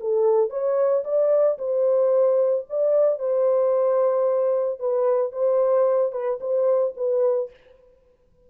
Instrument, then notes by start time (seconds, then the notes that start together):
horn
0.00 A4
0.50 C#5
1.04 D5
1.58 C5
2.69 D5
3.19 C5
4.79 B4
5.32 C5
6.12 B4
6.40 C5
6.97 B4